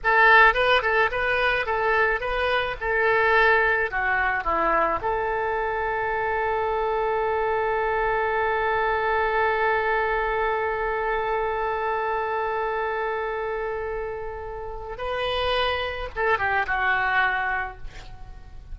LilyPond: \new Staff \with { instrumentName = "oboe" } { \time 4/4 \tempo 4 = 108 a'4 b'8 a'8 b'4 a'4 | b'4 a'2 fis'4 | e'4 a'2.~ | a'1~ |
a'1~ | a'1~ | a'2. b'4~ | b'4 a'8 g'8 fis'2 | }